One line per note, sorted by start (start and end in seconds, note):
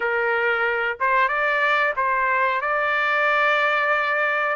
0.00 0.97 A#4
1.00 1.28 C5
1.28 1.93 D5
1.96 2.61 C5
2.61 4.56 D5